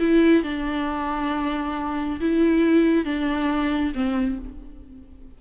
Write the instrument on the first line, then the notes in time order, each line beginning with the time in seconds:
viola
0.00 E4
0.44 D4
2.21 E4
3.05 D4
3.95 C4